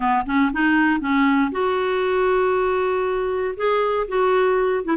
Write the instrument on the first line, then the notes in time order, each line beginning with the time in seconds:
clarinet
0.00 B3
0.26 C#4
0.52 D#4
1.00 C#4
1.51 F#4
3.56 G#4
4.08 F#4
4.84 E4